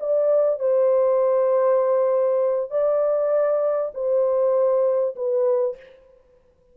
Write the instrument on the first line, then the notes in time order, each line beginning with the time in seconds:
horn
0.00 D5
0.60 C5
2.71 D5
3.94 C5
5.16 B4